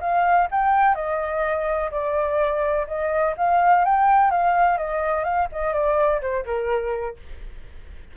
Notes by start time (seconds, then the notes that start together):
0.00 F5
0.51 G5
0.94 D#5
1.91 D5
2.87 D#5
3.37 F5
3.84 G5
4.31 F5
4.77 D#5
5.24 F5
5.52 D#5
5.73 D5
6.21 C5
6.45 A#4